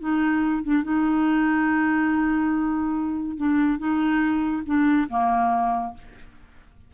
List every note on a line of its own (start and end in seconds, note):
0.00 0.63 D#4
0.63 0.83 D4
0.83 3.37 D#4
3.37 3.79 D4
3.79 4.63 D#4
4.66 5.08 D4
5.09 5.94 A#3